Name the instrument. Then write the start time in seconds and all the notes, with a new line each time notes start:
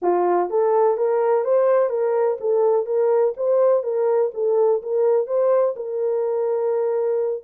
horn
0.02 F4
0.50 A4
0.97 A#4
1.44 C5
1.89 A#4
2.40 A4
2.86 A#4
3.36 C5
3.83 A#4
4.34 A4
4.82 A#4
5.27 C5
5.76 A#4